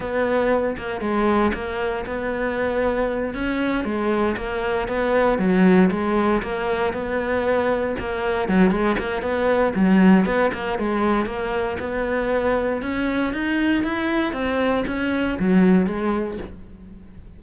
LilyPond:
\new Staff \with { instrumentName = "cello" } { \time 4/4 \tempo 4 = 117 b4. ais8 gis4 ais4 | b2~ b8 cis'4 gis8~ | gis8 ais4 b4 fis4 gis8~ | gis8 ais4 b2 ais8~ |
ais8 fis8 gis8 ais8 b4 fis4 | b8 ais8 gis4 ais4 b4~ | b4 cis'4 dis'4 e'4 | c'4 cis'4 fis4 gis4 | }